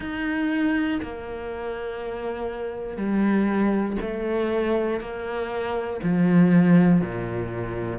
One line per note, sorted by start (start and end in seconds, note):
0.00 1.00 D#4
1.02 2.96 A#3
2.96 3.96 G3
4.01 5.00 A3
5.00 6.00 A#3
6.03 7.00 F3
7.00 7.99 A#2